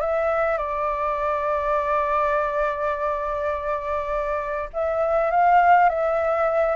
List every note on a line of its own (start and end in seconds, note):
0.00 0.57 E5
0.57 4.69 D5
4.73 5.30 E5
5.30 5.89 F5
5.89 6.75 E5